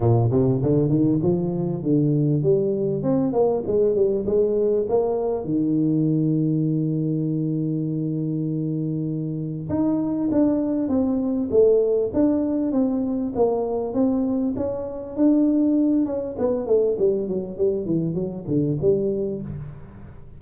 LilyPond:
\new Staff \with { instrumentName = "tuba" } { \time 4/4 \tempo 4 = 99 ais,8 c8 d8 dis8 f4 d4 | g4 c'8 ais8 gis8 g8 gis4 | ais4 dis2.~ | dis1 |
dis'4 d'4 c'4 a4 | d'4 c'4 ais4 c'4 | cis'4 d'4. cis'8 b8 a8 | g8 fis8 g8 e8 fis8 d8 g4 | }